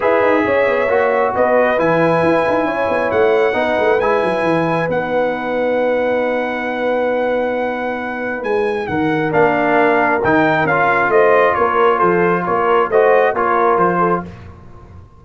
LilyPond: <<
  \new Staff \with { instrumentName = "trumpet" } { \time 4/4 \tempo 4 = 135 e''2. dis''4 | gis''2. fis''4~ | fis''4 gis''2 fis''4~ | fis''1~ |
fis''2. gis''4 | fis''4 f''2 g''4 | f''4 dis''4 cis''4 c''4 | cis''4 dis''4 cis''4 c''4 | }
  \new Staff \with { instrumentName = "horn" } { \time 4/4 b'4 cis''2 b'4~ | b'2 cis''2 | b'1~ | b'1~ |
b'1 | ais'1~ | ais'4 c''4 ais'4 a'4 | ais'4 c''4 ais'4. a'8 | }
  \new Staff \with { instrumentName = "trombone" } { \time 4/4 gis'2 fis'2 | e'1 | dis'4 e'2 dis'4~ | dis'1~ |
dis'1~ | dis'4 d'2 dis'4 | f'1~ | f'4 fis'4 f'2 | }
  \new Staff \with { instrumentName = "tuba" } { \time 4/4 e'8 dis'8 cis'8 b8 ais4 b4 | e4 e'8 dis'8 cis'8 b8 a4 | b8 a8 gis8 fis8 e4 b4~ | b1~ |
b2. gis4 | dis4 ais2 dis4 | cis'4 a4 ais4 f4 | ais4 a4 ais4 f4 | }
>>